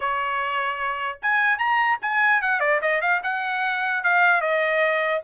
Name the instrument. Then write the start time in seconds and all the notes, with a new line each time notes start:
trumpet
0.00 C#5
1.22 G#5
1.58 A#5
2.01 G#5
2.41 F#5
2.60 D5
2.81 D#5
3.01 F5
3.23 F#5
4.03 F5
4.41 D#5